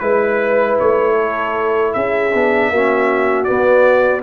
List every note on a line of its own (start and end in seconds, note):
0.00 0.79 G#3
0.00 2.32 E4
0.00 0.77 B4
0.00 1.14 B4
0.79 1.96 A3
0.79 1.94 C#5
1.14 1.91 A4
1.94 2.34 C#4
1.94 2.71 G#4
1.94 3.44 E5
2.34 2.71 B3
2.34 2.74 D4
2.71 3.48 A#3
2.71 3.46 C#4
2.71 4.23 F#4
3.44 4.23 B3
3.44 4.21 D5